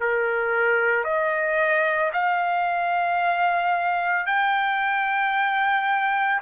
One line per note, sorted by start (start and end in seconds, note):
0.00 1.04 A#4
1.04 2.11 D#5
2.13 4.26 F5
4.26 6.40 G5